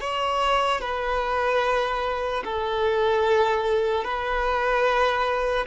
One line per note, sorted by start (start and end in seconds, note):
0.00 0.81 C#5
0.81 2.43 B4
2.44 4.04 A4
4.04 5.66 B4